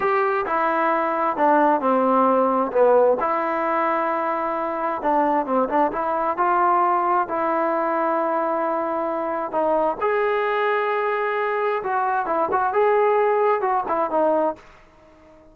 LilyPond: \new Staff \with { instrumentName = "trombone" } { \time 4/4 \tempo 4 = 132 g'4 e'2 d'4 | c'2 b4 e'4~ | e'2. d'4 | c'8 d'8 e'4 f'2 |
e'1~ | e'4 dis'4 gis'2~ | gis'2 fis'4 e'8 fis'8 | gis'2 fis'8 e'8 dis'4 | }